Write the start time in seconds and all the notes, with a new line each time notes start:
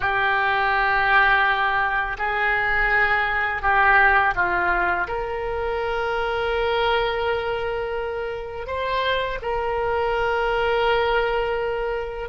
0.00 G4
2.18 G#4
3.61 G4
4.35 F4
5.07 A#4
8.66 C5
9.41 A#4